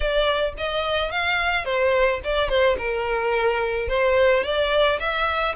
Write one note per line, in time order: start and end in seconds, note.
0.00 0.53 D5
0.57 1.11 D#5
1.11 1.65 F5
1.65 2.20 C5
2.24 2.48 D5
2.48 2.76 C5
2.78 3.88 A#4
3.88 4.43 C5
4.43 4.99 D5
4.99 5.55 E5